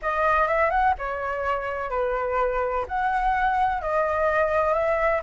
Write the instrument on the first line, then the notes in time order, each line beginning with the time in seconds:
flute
0.02 D#5
0.47 E5
0.70 F#5
0.98 C#5
1.90 B4
2.88 F#5
3.81 D#5
4.73 E5